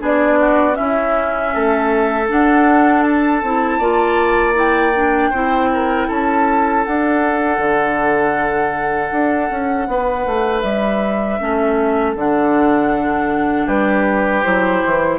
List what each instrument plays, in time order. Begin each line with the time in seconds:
0.00 bassoon B3, clarinet D4, oboe G#4, flute D5
0.40 oboe F#4
0.73 clarinet C#4, oboe E4, flute E5
0.80 bassoon C#4
1.54 bassoon A3, oboe A4
2.29 clarinet D4, bassoon D4, flute F#5
3.03 flute A5
3.42 bassoon C4, clarinet E4
3.79 bassoon A#3, clarinet F4, oboe D5
4.54 clarinet E4, flute G5
4.96 clarinet D4
5.31 bassoon C4, clarinet E4, oboe C5
5.74 oboe A#4
6.07 bassoon C#4, oboe A4, flute A5
6.85 clarinet D4, bassoon D4, flute F#5
7.59 bassoon D3
9.12 bassoon D4
9.50 bassoon C#4
9.88 bassoon B3, oboe B4
10.26 bassoon A3
10.61 bassoon G3, flute E5
11.40 bassoon A3, clarinet C#4, oboe A4
12.16 bassoon D3, clarinet D4, flute F#5
13.66 bassoon G3, oboe G4, flute B4
14.43 bassoon F#3, clarinet E4, flute C5
14.85 bassoon E3